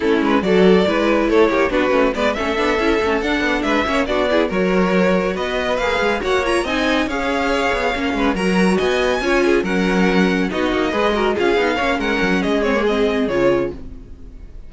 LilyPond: <<
  \new Staff \with { instrumentName = "violin" } { \time 4/4 \tempo 4 = 140 a'8 b'8 d''2 cis''4 | b'4 d''8 e''2 fis''8~ | fis''8 e''4 d''4 cis''4.~ | cis''8 dis''4 f''4 fis''8 ais''8 gis''8~ |
gis''8 f''2. ais''8~ | ais''8 gis''2 fis''4.~ | fis''8 dis''2 f''4. | fis''4 dis''8 cis''8 dis''4 cis''4 | }
  \new Staff \with { instrumentName = "violin" } { \time 4/4 e'4 a'4 b'4 a'8 g'8 | fis'4 b'8 a'2~ a'8~ | a'8 b'8 cis''8 fis'8 gis'8 ais'4.~ | ais'8 b'2 cis''4 dis''8~ |
dis''8 cis''2~ cis''8 b'8 ais'8~ | ais'8 dis''4 cis''8 gis'8 ais'4.~ | ais'8 fis'4 b'8 ais'8 gis'4 cis''8 | ais'4 gis'2. | }
  \new Staff \with { instrumentName = "viola" } { \time 4/4 cis'4 fis'4 e'2 | d'8 cis'8 b8 cis'8 d'8 e'8 cis'8 d'8~ | d'4 cis'8 d'8 e'8 fis'4.~ | fis'4. gis'4 fis'8 f'8 dis'8~ |
dis'8 gis'2 cis'4 fis'8~ | fis'4. f'4 cis'4.~ | cis'8 dis'4 gis'8 fis'8 f'8 dis'8 cis'8~ | cis'4. c'16 ais16 c'4 f'4 | }
  \new Staff \with { instrumentName = "cello" } { \time 4/4 a8 gis8 fis4 gis4 a8 ais8 | b8 a8 gis8 a8 b8 cis'8 a8 d'8 | b8 gis8 ais8 b4 fis4.~ | fis8 b4 ais8 gis8 ais4 c'8~ |
c'8 cis'4. b8 ais8 gis8 fis8~ | fis8 b4 cis'4 fis4.~ | fis8 b8 ais8 gis4 cis'8 b8 ais8 | gis8 fis8 gis2 cis4 | }
>>